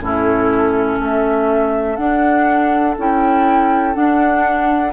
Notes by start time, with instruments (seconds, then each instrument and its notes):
0.00 bassoon A2, clarinet C#4, oboe E4, flute A4
0.99 bassoon A3, oboe A4, flute E5
1.96 bassoon D4, clarinet D4, flute F#5
2.98 bassoon C#4, clarinet E4, flute G5
3.94 clarinet D4, bassoon D4, flute F#5